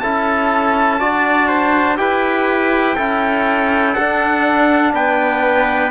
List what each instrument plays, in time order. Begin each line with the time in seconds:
0.00 cello C#4, trombone E4, trumpet A4 A5
1.00 cello D4, trombone F#4, trumpet D5
1.48 trumpet C5
1.97 cello E4, trombone G4, trumpet B4 G5
2.96 cello C#4, trombone E4, trumpet A4
3.94 cello D4, trombone D4, trumpet F#5
4.93 cello B3, trumpet B4 G5